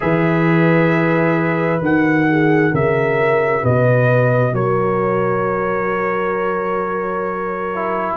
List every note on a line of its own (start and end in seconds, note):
0.00 1.81 E3
0.00 1.79 G#4
0.00 2.29 B4
0.00 1.82 E5
1.79 2.72 D#3
1.79 7.70 F#4
1.79 2.74 F#5
2.30 2.71 G#4
2.71 3.63 C#3
2.71 3.62 A#4
2.71 3.64 E5
3.62 4.52 B2
3.62 4.52 B4
3.62 4.54 D#5
4.52 8.16 F#3
4.52 8.16 A#4
4.52 8.16 C#5
7.74 8.16 E4